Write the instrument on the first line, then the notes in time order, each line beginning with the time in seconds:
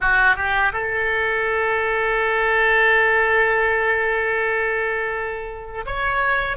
oboe
0.00 F#4
0.36 G4
0.73 A4
5.86 C#5